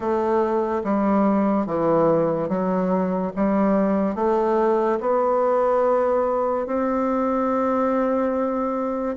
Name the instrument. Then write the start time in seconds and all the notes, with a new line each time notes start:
bassoon
0.00 A3
0.84 G3
1.66 E3
2.48 F#3
3.36 G3
4.15 A3
5.00 B3
6.66 C4